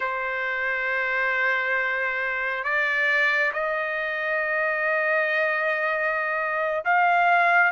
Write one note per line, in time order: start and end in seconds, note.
0.00 2.64 C5
2.64 3.52 D5
3.53 6.84 D#5
6.85 7.71 F5